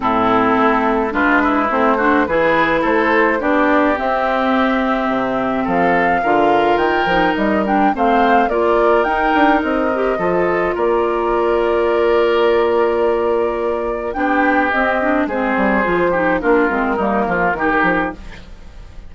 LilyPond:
<<
  \new Staff \with { instrumentName = "flute" } { \time 4/4 \tempo 4 = 106 a'2 b'4 c''4 | b'4 c''4 d''4 e''4~ | e''2 f''2 | g''4 dis''8 g''8 f''4 d''4 |
g''4 dis''2 d''4~ | d''1~ | d''4 g''4 dis''4 c''4~ | c''4 ais'2. | }
  \new Staff \with { instrumentName = "oboe" } { \time 4/4 e'2 f'8 e'4 fis'8 | gis'4 a'4 g'2~ | g'2 a'4 ais'4~ | ais'2 c''4 ais'4~ |
ais'2 a'4 ais'4~ | ais'1~ | ais'4 g'2 gis'4~ | gis'8 g'8 f'4 dis'8 f'8 g'4 | }
  \new Staff \with { instrumentName = "clarinet" } { \time 4/4 c'2 d'4 c'8 d'8 | e'2 d'4 c'4~ | c'2. f'4~ | f'8 dis'4 d'8 c'4 f'4 |
dis'4. g'8 f'2~ | f'1~ | f'4 d'4 c'8 d'8 c'4 | f'8 dis'8 d'8 c'8 ais4 dis'4 | }
  \new Staff \with { instrumentName = "bassoon" } { \time 4/4 a,4 a4 gis4 a4 | e4 a4 b4 c'4~ | c'4 c4 f4 d4 | dis8 f8 g4 a4 ais4 |
dis'8 d'8 c'4 f4 ais4~ | ais1~ | ais4 b4 c'4 gis8 g8 | f4 ais8 gis8 g8 f8 dis8 f8 | }
>>